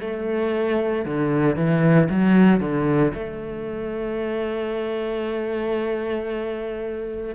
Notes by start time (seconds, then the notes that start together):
0.00 A3
1.05 D3
1.56 E3
2.09 F#3
2.60 D3
3.14 A3